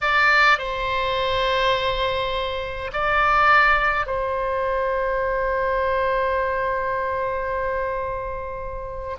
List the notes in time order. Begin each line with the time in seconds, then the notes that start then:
0.01 D5
0.58 C5
2.93 D5
4.06 C5